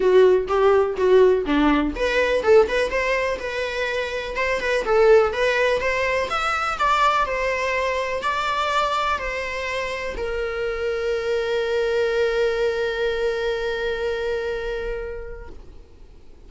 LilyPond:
\new Staff \with { instrumentName = "viola" } { \time 4/4 \tempo 4 = 124 fis'4 g'4 fis'4 d'4 | b'4 a'8 b'8 c''4 b'4~ | b'4 c''8 b'8 a'4 b'4 | c''4 e''4 d''4 c''4~ |
c''4 d''2 c''4~ | c''4 ais'2.~ | ais'1~ | ais'1 | }